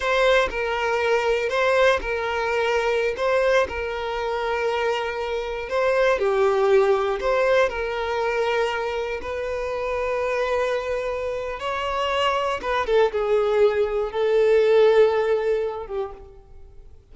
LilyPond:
\new Staff \with { instrumentName = "violin" } { \time 4/4 \tempo 4 = 119 c''4 ais'2 c''4 | ais'2~ ais'16 c''4 ais'8.~ | ais'2.~ ais'16 c''8.~ | c''16 g'2 c''4 ais'8.~ |
ais'2~ ais'16 b'4.~ b'16~ | b'2. cis''4~ | cis''4 b'8 a'8 gis'2 | a'2.~ a'8 g'8 | }